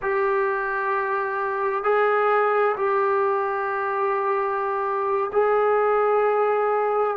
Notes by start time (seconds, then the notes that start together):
0.02 G4
1.83 G#4
2.77 G4
5.32 G#4